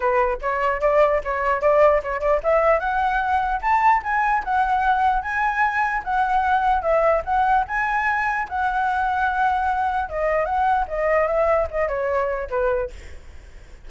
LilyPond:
\new Staff \with { instrumentName = "flute" } { \time 4/4 \tempo 4 = 149 b'4 cis''4 d''4 cis''4 | d''4 cis''8 d''8 e''4 fis''4~ | fis''4 a''4 gis''4 fis''4~ | fis''4 gis''2 fis''4~ |
fis''4 e''4 fis''4 gis''4~ | gis''4 fis''2.~ | fis''4 dis''4 fis''4 dis''4 | e''4 dis''8 cis''4. b'4 | }